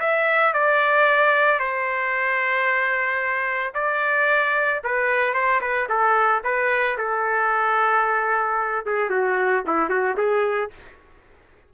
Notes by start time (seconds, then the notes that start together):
0.00 E5
0.54 D5
1.59 C5
3.74 D5
4.84 B4
5.34 C5
5.61 B4
5.89 A4
6.44 B4
6.98 A4
8.86 G#4
9.10 F#4
9.67 E4
9.89 F#4
10.17 G#4